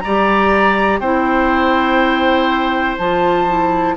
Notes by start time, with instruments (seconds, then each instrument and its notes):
0.00 bassoon G3, oboe D5, flute A#5
0.07 clarinet G4
1.00 bassoon C4, clarinet E4, oboe C5, flute G5
2.98 bassoon F3, clarinet F4, flute A5
3.48 clarinet E4